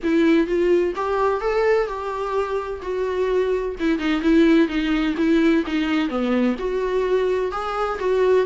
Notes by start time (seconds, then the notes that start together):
0.03 E4
0.46 F4
0.95 G4
1.40 A4
1.87 G4
2.81 F#4
3.79 E4
3.98 D#4
4.21 E4
4.68 D#4
5.17 E4
5.66 D#4
6.08 B3
6.58 F#4
7.51 G#4
7.99 F#4